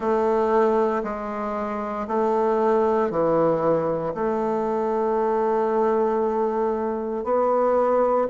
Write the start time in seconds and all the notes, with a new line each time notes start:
0.00 A3
1.03 G#3
2.07 A3
3.10 E3
4.14 A3
7.24 B3